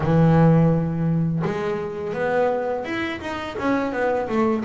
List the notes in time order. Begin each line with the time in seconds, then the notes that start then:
0.00 E3
1.44 G#3
2.13 B3
2.84 E4
3.20 D#4
3.58 C#4
3.92 B3
4.28 A3